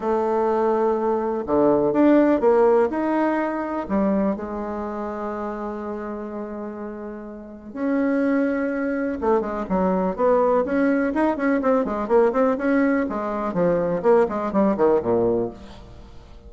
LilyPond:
\new Staff \with { instrumentName = "bassoon" } { \time 4/4 \tempo 4 = 124 a2. d4 | d'4 ais4 dis'2 | g4 gis2.~ | gis1 |
cis'2. a8 gis8 | fis4 b4 cis'4 dis'8 cis'8 | c'8 gis8 ais8 c'8 cis'4 gis4 | f4 ais8 gis8 g8 dis8 ais,4 | }